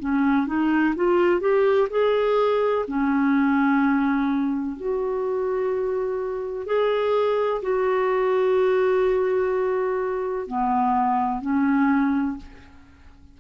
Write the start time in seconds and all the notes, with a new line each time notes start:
0.00 C#4
0.47 D#4
0.96 F4
1.40 G4
1.90 G#4
2.87 C#4
4.77 F#4
6.67 G#4
7.62 F#4
10.48 B3
11.42 C#4